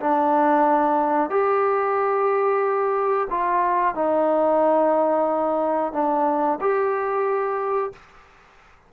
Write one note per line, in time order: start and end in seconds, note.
0.00 1.29 D4
1.29 3.27 G4
3.30 3.94 F4
3.94 5.92 D#4
5.93 6.58 D4
6.60 7.92 G4